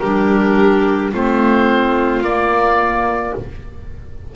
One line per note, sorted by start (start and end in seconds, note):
0.00 1.14 G3
0.00 1.13 D4
0.00 1.12 G4
0.00 1.11 A#4
1.12 2.22 A3
1.12 2.24 C4
1.12 3.34 F4
1.12 2.24 C5
2.22 3.33 A#3
2.22 3.36 A#3
2.22 3.35 D5